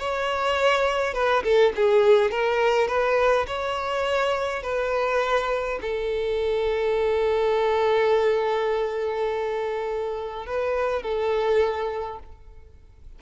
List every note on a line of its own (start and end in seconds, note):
0.00 1.14 C#5
1.14 1.43 B4
1.44 1.73 A4
1.76 2.32 G#4
2.32 2.88 A#4
2.88 3.47 B4
3.48 4.63 C#5
4.63 5.80 B4
5.82 10.47 A4
10.47 11.03 B4
11.03 12.20 A4